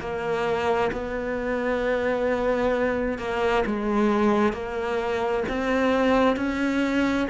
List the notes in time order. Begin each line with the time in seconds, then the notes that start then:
0.00 A#3
0.92 B3
3.19 A#3
3.66 G#3
4.53 A#3
5.49 C4
6.37 C#4